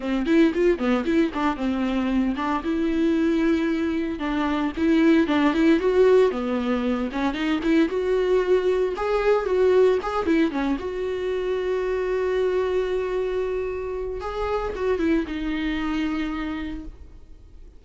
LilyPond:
\new Staff \with { instrumentName = "viola" } { \time 4/4 \tempo 4 = 114 c'8 e'8 f'8 b8 e'8 d'8 c'4~ | c'8 d'8 e'2. | d'4 e'4 d'8 e'8 fis'4 | b4. cis'8 dis'8 e'8 fis'4~ |
fis'4 gis'4 fis'4 gis'8 e'8 | cis'8 fis'2.~ fis'8~ | fis'2. gis'4 | fis'8 e'8 dis'2. | }